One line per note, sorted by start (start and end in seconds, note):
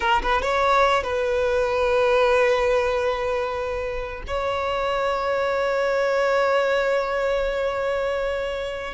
0.00 0.21 A#4
0.22 0.42 B4
0.42 1.03 C#5
1.03 4.22 B4
4.27 8.94 C#5